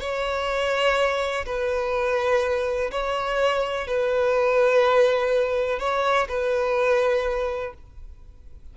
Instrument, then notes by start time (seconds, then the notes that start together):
violin
0.00 C#5
1.46 B4
2.91 C#5
3.87 B4
5.79 C#5
6.29 B4